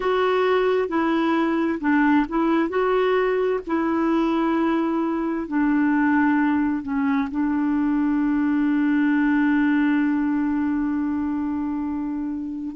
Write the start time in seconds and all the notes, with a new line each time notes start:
0.00 F#4
0.88 E4
1.80 D4
2.28 E4
2.69 F#4
3.66 E4
5.47 D4
6.83 C#4
7.31 D4